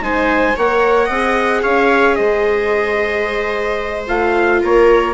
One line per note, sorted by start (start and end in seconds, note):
0.00 0.54 G#3
0.00 0.56 D#4
0.00 0.56 C5
0.00 0.57 G#5
0.56 1.09 A#3
0.56 1.10 A#4
0.56 1.05 C#5
0.56 1.63 F#5
1.05 1.63 C4
1.05 4.07 G#4
1.05 1.59 D#5
1.62 2.19 C#4
1.62 2.16 C#5
1.62 2.15 F5
2.15 4.08 G#3
2.15 4.60 C5
2.15 4.04 D#5
4.07 4.62 A3
4.07 5.14 F4
4.07 4.62 F5
4.62 5.14 A#3
4.62 5.14 A#4
4.62 5.14 C#5